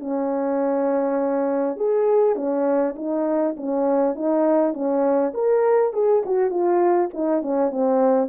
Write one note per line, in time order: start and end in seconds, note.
0.00 1.77 C#4
1.77 2.36 G#4
2.36 2.95 C#4
2.96 3.56 D#4
3.57 4.16 C#4
4.16 4.74 D#4
4.74 5.33 C#4
5.34 5.94 A#4
5.94 6.23 G#4
6.26 6.51 F#4
6.51 7.10 F4
7.14 7.42 D#4
7.42 7.71 C#4
7.71 8.29 C4